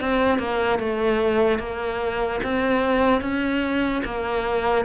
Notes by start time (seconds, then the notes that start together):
0.00 C4
0.39 A#3
0.79 A3
1.59 A#3
2.43 C4
3.21 C#4
4.04 A#3